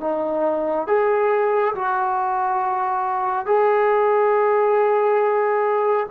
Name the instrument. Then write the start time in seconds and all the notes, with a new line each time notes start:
trombone
0.00 D#4
0.87 G#4
1.74 F#4
3.46 G#4